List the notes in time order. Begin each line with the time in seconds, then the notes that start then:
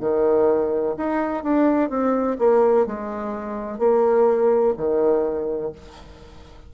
0.00 D#3
0.97 D#4
1.43 D4
1.90 C4
2.39 A#3
2.86 G#3
3.78 A#3
4.77 D#3